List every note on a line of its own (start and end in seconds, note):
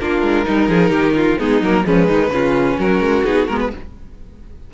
0.00 0.22 A#3
0.00 0.46 D4
0.00 0.46 F4
0.00 1.39 A#4
0.22 0.45 G#3
0.46 0.68 G3
0.46 0.69 D#4
0.46 1.39 D#4
0.68 0.89 F3
0.68 0.91 G#4
0.89 1.36 D#3
0.89 1.14 G4
1.16 1.39 F4
1.39 1.61 G#3
1.39 1.62 B3
1.39 1.86 D#4
1.39 1.62 G#4
1.61 1.84 F#3
1.61 1.84 A#3
1.61 1.86 A#4
1.84 2.10 F3
1.84 2.31 G#3
1.84 2.08 C#4
1.84 2.79 B4
2.08 2.30 D#3
2.08 2.31 D#4
2.30 2.77 C#3
2.30 3.25 C#4
2.30 2.78 F4
2.78 3.01 F#3
2.78 3.71 F#4
2.78 3.25 A#4
3.01 3.24 G#3
3.25 3.48 B3
3.25 3.48 D#4
3.25 3.48 G#4
3.48 3.73 G#3
3.48 3.74 B3
3.48 3.59 A#4
3.60 3.71 B4